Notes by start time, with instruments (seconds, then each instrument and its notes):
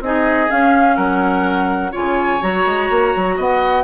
0.00 bassoon C4, clarinet D#4, oboe G#4, flute D#5
0.48 clarinet C#4, bassoon C#4, flute F5
0.95 bassoon F#3, oboe A#4, flute F#5
1.91 bassoon C#3, clarinet F4, oboe C#5, flute G#5
2.41 bassoon F#3, clarinet F#4, flute A#5
2.65 bassoon G#3
2.90 bassoon A#3
3.15 bassoon F#3
3.36 bassoon B3, oboe D#5, flute F#5